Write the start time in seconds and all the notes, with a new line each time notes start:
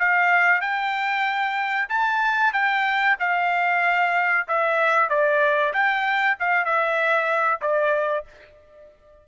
0.00 F5
0.61 G5
1.89 A5
2.53 G5
3.20 F5
4.48 E5
5.09 D5
5.74 G5
6.40 F5
6.66 E5
7.62 D5